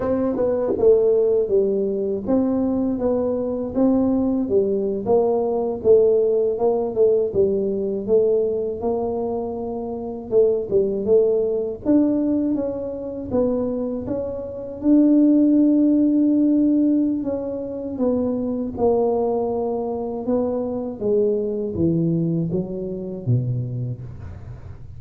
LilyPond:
\new Staff \with { instrumentName = "tuba" } { \time 4/4 \tempo 4 = 80 c'8 b8 a4 g4 c'4 | b4 c'4 g8. ais4 a16~ | a8. ais8 a8 g4 a4 ais16~ | ais4.~ ais16 a8 g8 a4 d'16~ |
d'8. cis'4 b4 cis'4 d'16~ | d'2. cis'4 | b4 ais2 b4 | gis4 e4 fis4 b,4 | }